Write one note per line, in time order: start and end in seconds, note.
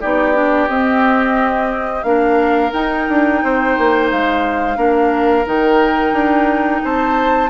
0.00 0.68 B3
0.00 0.33 D#4
0.00 2.05 G4
0.00 0.68 D5
0.33 0.67 D4
0.68 2.03 C4
0.68 2.04 C4
0.68 2.03 D#5
2.03 2.71 A#3
2.03 2.71 D4
2.03 3.43 A#4
2.03 2.71 F5
2.71 4.75 D#4
2.71 3.07 D#4
2.71 4.09 G5
3.08 3.42 D4
3.43 3.77 C4
3.43 4.77 C5
3.77 4.11 A#3
4.10 4.76 G#3
4.10 5.47 F5
4.75 5.44 A#3
4.75 5.44 D4
4.75 6.82 A#4
5.45 6.12 D#3
5.45 7.50 D#4
5.45 6.84 G5
6.12 6.80 D4
6.83 7.50 C4
6.83 7.50 C5
6.83 7.50 A5